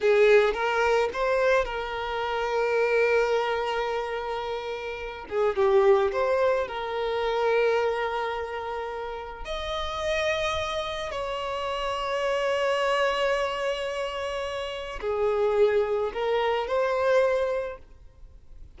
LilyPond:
\new Staff \with { instrumentName = "violin" } { \time 4/4 \tempo 4 = 108 gis'4 ais'4 c''4 ais'4~ | ais'1~ | ais'4. gis'8 g'4 c''4 | ais'1~ |
ais'4 dis''2. | cis''1~ | cis''2. gis'4~ | gis'4 ais'4 c''2 | }